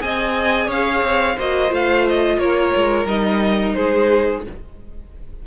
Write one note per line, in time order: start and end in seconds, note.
0.00 0.68 C4
0.00 1.36 G#4
0.00 0.67 D#5
0.00 0.70 G#5
0.67 1.02 C#4
0.67 1.36 C#5
0.67 1.39 F5
1.03 1.37 C4
1.36 1.72 A#3
1.36 1.69 F#4
1.36 2.38 C5
1.36 1.74 D#5
1.69 2.38 A3
1.69 3.06 F4
1.69 2.08 F5
2.09 2.39 D#5
2.38 2.72 A#3
2.38 3.76 A#4
2.38 3.08 C#5
2.76 3.06 G#3
3.06 3.74 G3
3.06 4.43 D#4
3.06 3.75 D#5
3.75 4.47 G#3
3.75 4.44 G#4
3.75 4.43 C5